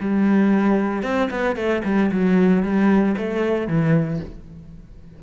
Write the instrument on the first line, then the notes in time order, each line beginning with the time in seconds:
cello
0.00 G3
1.03 C4
1.30 B3
1.56 A3
1.84 G3
2.11 F#3
2.62 G3
3.17 A3
3.67 E3